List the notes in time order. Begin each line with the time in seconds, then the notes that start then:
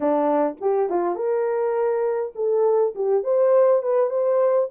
0.00 D4
0.60 G4
0.89 F4
1.15 A#4
2.35 A4
2.95 G4
3.23 C5
3.82 B4
4.09 C5